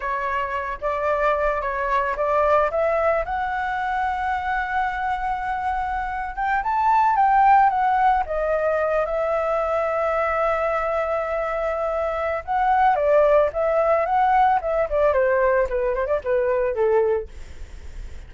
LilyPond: \new Staff \with { instrumentName = "flute" } { \time 4/4 \tempo 4 = 111 cis''4. d''4. cis''4 | d''4 e''4 fis''2~ | fis''2.~ fis''8. g''16~ | g''16 a''4 g''4 fis''4 dis''8.~ |
dis''8. e''2.~ e''16~ | e''2. fis''4 | d''4 e''4 fis''4 e''8 d''8 | c''4 b'8 c''16 d''16 b'4 a'4 | }